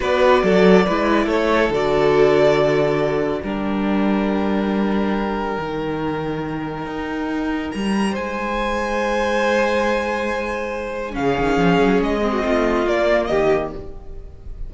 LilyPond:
<<
  \new Staff \with { instrumentName = "violin" } { \time 4/4 \tempo 4 = 140 d''2. cis''4 | d''1 | g''1~ | g''1~ |
g''2 ais''4 gis''4~ | gis''1~ | gis''2 f''2 | dis''2 d''4 dis''4 | }
  \new Staff \with { instrumentName = "violin" } { \time 4/4 b'4 a'4 b'4 a'4~ | a'1 | ais'1~ | ais'1~ |
ais'2. c''4~ | c''1~ | c''2 gis'2~ | gis'8. fis'16 f'2 g'4 | }
  \new Staff \with { instrumentName = "viola" } { \time 4/4 fis'2 e'2 | fis'1 | d'1~ | d'4 dis'2.~ |
dis'1~ | dis'1~ | dis'2 cis'2~ | cis'8 c'4. ais2 | }
  \new Staff \with { instrumentName = "cello" } { \time 4/4 b4 fis4 gis4 a4 | d1 | g1~ | g4 dis2. |
dis'2 g4 gis4~ | gis1~ | gis2 cis8 dis8 f8 fis8 | gis4 a4 ais4 dis4 | }
>>